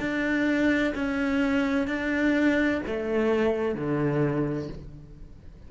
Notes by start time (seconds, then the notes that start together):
0.00 D4
0.95 C#4
1.88 D4
2.87 A3
3.75 D3